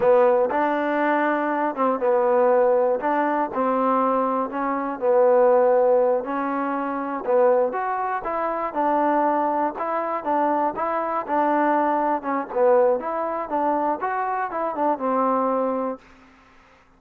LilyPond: \new Staff \with { instrumentName = "trombone" } { \time 4/4 \tempo 4 = 120 b4 d'2~ d'8 c'8 | b2 d'4 c'4~ | c'4 cis'4 b2~ | b8 cis'2 b4 fis'8~ |
fis'8 e'4 d'2 e'8~ | e'8 d'4 e'4 d'4.~ | d'8 cis'8 b4 e'4 d'4 | fis'4 e'8 d'8 c'2 | }